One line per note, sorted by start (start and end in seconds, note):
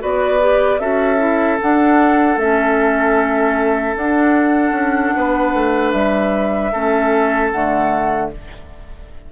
0.00 0.80 B3
0.00 0.39 F#4
0.00 0.81 B4
0.00 0.80 D5
0.41 0.80 G4
0.80 1.59 C#4
0.80 1.18 F#4
0.80 5.15 A4
0.80 1.59 E5
1.18 1.58 E4
1.62 2.39 D4
1.62 2.37 D4
1.62 2.39 F#5
2.37 3.95 A3
2.37 3.95 C#4
2.37 3.97 E5
3.95 6.72 D4
3.95 4.72 D4
3.95 5.92 F#5
4.72 5.11 C#4
5.16 5.54 B3
5.16 6.73 B4
5.54 5.94 A3
5.92 6.73 G3
5.92 7.50 E5
6.73 7.53 A3
6.73 7.53 C#4
6.73 8.30 A4
7.52 8.32 D3
7.52 8.32 A3
7.52 8.31 F#5